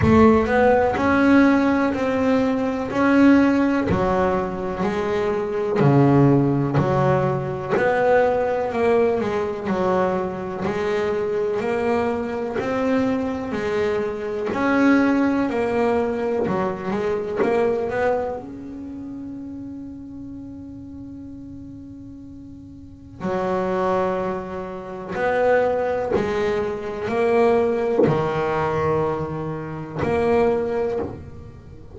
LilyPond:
\new Staff \with { instrumentName = "double bass" } { \time 4/4 \tempo 4 = 62 a8 b8 cis'4 c'4 cis'4 | fis4 gis4 cis4 fis4 | b4 ais8 gis8 fis4 gis4 | ais4 c'4 gis4 cis'4 |
ais4 fis8 gis8 ais8 b8 cis'4~ | cis'1 | fis2 b4 gis4 | ais4 dis2 ais4 | }